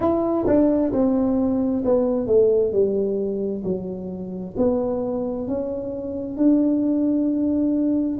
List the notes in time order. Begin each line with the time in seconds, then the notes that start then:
0.00 E4
0.46 D4
0.93 C4
1.84 B3
2.26 A3
2.72 G3
3.64 F#3
4.56 B3
5.48 C#4
6.36 D4